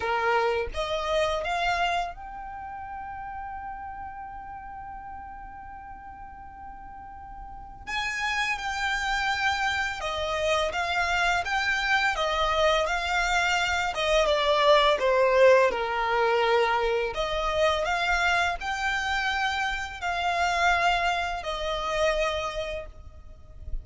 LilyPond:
\new Staff \with { instrumentName = "violin" } { \time 4/4 \tempo 4 = 84 ais'4 dis''4 f''4 g''4~ | g''1~ | g''2. gis''4 | g''2 dis''4 f''4 |
g''4 dis''4 f''4. dis''8 | d''4 c''4 ais'2 | dis''4 f''4 g''2 | f''2 dis''2 | }